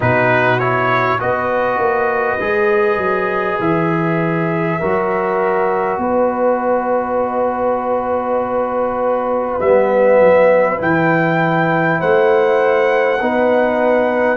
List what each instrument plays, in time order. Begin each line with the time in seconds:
0.00 tuba B2, trombone D#4, horn F#4, trumpet B4
0.59 trombone E4, trumpet C#5
1.19 tuba B3, trombone F#4, horn B4, trumpet D#5
1.78 tuba A#3
2.40 tuba G#3, trombone G#4
2.97 tuba F#3
3.59 tuba E3, trumpet E5
4.80 tuba F#3, trombone F#4, horn A#4
5.97 tuba B3, horn B4, trumpet D#5
9.59 tuba G3, trombone B3, trumpet E5
10.20 tuba F#3
10.77 tuba E3, trombone E4, trumpet G5
11.99 tuba A3, horn C5, trumpet F#5
13.20 tuba B3, trombone D#4, horn B4